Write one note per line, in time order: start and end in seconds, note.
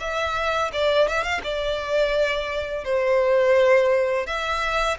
0.00 0.71 E5
0.73 1.08 D5
1.08 1.23 E5
1.23 1.41 F5
1.44 2.84 D5
2.84 4.26 C5
4.26 4.98 E5